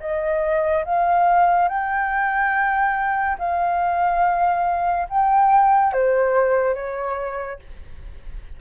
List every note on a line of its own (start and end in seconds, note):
0.00 0.85 D#5
0.85 1.69 F5
1.69 3.38 G5
3.38 5.07 F5
5.09 5.93 G5
5.93 6.75 C5
6.75 7.59 C#5